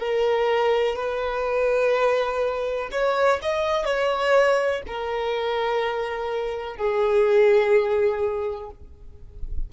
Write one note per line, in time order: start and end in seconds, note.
0.00 0.96 A#4
0.96 2.89 B4
2.92 3.40 C#5
3.42 3.85 D#5
3.85 4.82 C#5
4.87 6.77 A#4
6.77 8.70 G#4